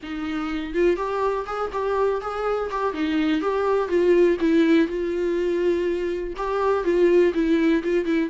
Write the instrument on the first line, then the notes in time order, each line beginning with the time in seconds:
viola
0.02 D#4
0.74 F4
0.96 G4
1.46 G#4
1.72 G4
2.21 G#4
2.71 G4
2.93 D#4
3.41 G4
3.88 F4
4.40 E4
4.87 F4
6.37 G4
6.84 F4
7.34 E4
7.83 F4
8.05 E4